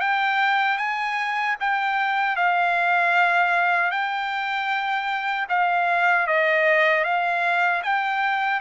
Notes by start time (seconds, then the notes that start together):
0.00 G5
0.78 G#5
1.60 G5
2.36 F5
3.91 G5
5.49 F5
6.27 D#5
7.04 F5
7.83 G5